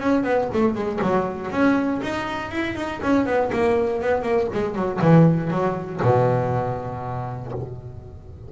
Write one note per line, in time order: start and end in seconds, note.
0.00 0.24 C#4
0.24 0.49 B3
0.54 0.75 A3
0.75 1.00 G#3
1.02 1.51 F#3
1.51 2.01 C#4
2.02 2.52 D#4
2.52 2.76 E4
2.76 3.01 D#4
3.03 3.26 C#4
3.26 3.51 B3
3.53 4.02 A#3
4.02 4.23 B3
4.23 4.48 A#3
4.54 4.75 G#3
4.75 5.00 F#3
5.01 5.51 E3
5.51 6.01 F#3
6.03 7.53 B2